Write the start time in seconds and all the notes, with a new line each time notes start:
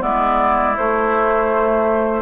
0.00 G#3 B3 E4 D5
0.76 A3 C5